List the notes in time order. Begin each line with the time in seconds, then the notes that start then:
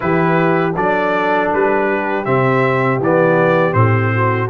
0.00 E3 E4 G4 B4
0.75 F#3 D4 A4 D5
1.53 G3 B4
1.89 G4
2.24 C3 C4 E5
3.00 E3 B3 D5
3.72 A2 C4 C5
4.13 F#4